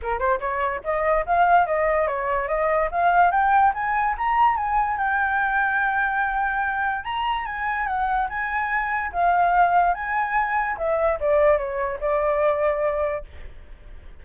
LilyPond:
\new Staff \with { instrumentName = "flute" } { \time 4/4 \tempo 4 = 145 ais'8 c''8 cis''4 dis''4 f''4 | dis''4 cis''4 dis''4 f''4 | g''4 gis''4 ais''4 gis''4 | g''1~ |
g''4 ais''4 gis''4 fis''4 | gis''2 f''2 | gis''2 e''4 d''4 | cis''4 d''2. | }